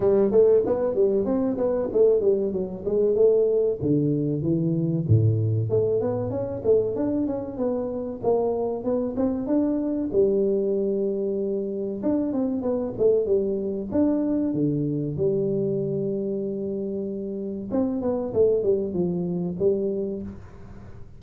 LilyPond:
\new Staff \with { instrumentName = "tuba" } { \time 4/4 \tempo 4 = 95 g8 a8 b8 g8 c'8 b8 a8 g8 | fis8 gis8 a4 d4 e4 | a,4 a8 b8 cis'8 a8 d'8 cis'8 | b4 ais4 b8 c'8 d'4 |
g2. d'8 c'8 | b8 a8 g4 d'4 d4 | g1 | c'8 b8 a8 g8 f4 g4 | }